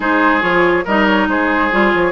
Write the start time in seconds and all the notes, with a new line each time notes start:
0.00 G#3 D#4 G#4 C5
0.41 F3 F4 C#5
0.84 G3 D#4 A#4 D#5
1.06 C#5
1.28 G#3 G#4 C5
1.71 G3 F4
1.93 F3 C#5